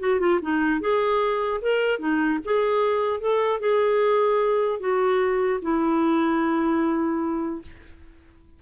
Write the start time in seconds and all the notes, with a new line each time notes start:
0.00 F#4
0.20 F4
0.42 D#4
0.81 G#4
1.61 A#4
1.99 D#4
2.45 G#4
3.20 A4
3.60 G#4
4.80 F#4
5.62 E4